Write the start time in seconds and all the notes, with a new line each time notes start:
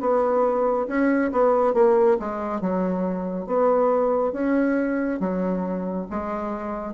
0.00 B3
0.87 C#4
1.32 B3
1.74 A#3
2.19 G#3
2.61 F#3
3.46 B3
4.32 C#4
5.20 F#3
6.10 G#3